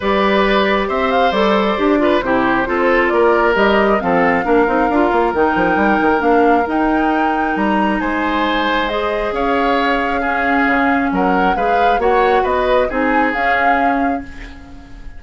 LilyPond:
<<
  \new Staff \with { instrumentName = "flute" } { \time 4/4 \tempo 4 = 135 d''2 e''8 f''8 d''4~ | d''4 c''2 d''4 | dis''4 f''2. | g''2 f''4 g''4~ |
g''4 ais''4 gis''2 | dis''4 f''2.~ | f''4 fis''4 f''4 fis''4 | dis''4 gis''4 f''2 | }
  \new Staff \with { instrumentName = "oboe" } { \time 4/4 b'2 c''2~ | c''8 b'8 g'4 a'4 ais'4~ | ais'4 a'4 ais'2~ | ais'1~ |
ais'2 c''2~ | c''4 cis''2 gis'4~ | gis'4 ais'4 b'4 cis''4 | b'4 gis'2. | }
  \new Staff \with { instrumentName = "clarinet" } { \time 4/4 g'2. a'4 | g'8 f'8 e'4 f'2 | g'4 c'4 d'8 dis'8 f'4 | dis'2 d'4 dis'4~ |
dis'1 | gis'2. cis'4~ | cis'2 gis'4 fis'4~ | fis'4 dis'4 cis'2 | }
  \new Staff \with { instrumentName = "bassoon" } { \time 4/4 g2 c'4 g4 | d'4 c4 c'4 ais4 | g4 f4 ais8 c'8 d'8 ais8 | dis8 f8 g8 dis8 ais4 dis'4~ |
dis'4 g4 gis2~ | gis4 cis'2. | cis4 fis4 gis4 ais4 | b4 c'4 cis'2 | }
>>